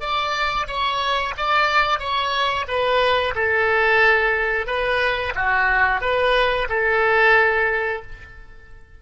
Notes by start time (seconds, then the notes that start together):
0.00 D5
0.67 C#5
1.37 D5
1.99 C#5
2.68 B4
3.35 A4
4.67 B4
5.35 F#4
6.01 B4
6.69 A4